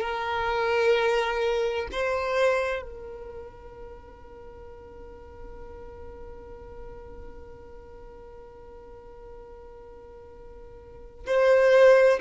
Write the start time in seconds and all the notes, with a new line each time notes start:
0.00 A#4
1.91 C5
2.82 A#4
11.26 C5